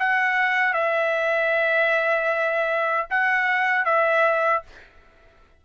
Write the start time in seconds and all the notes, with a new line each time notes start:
0.00 F#5
0.74 E5
3.11 F#5
3.86 E5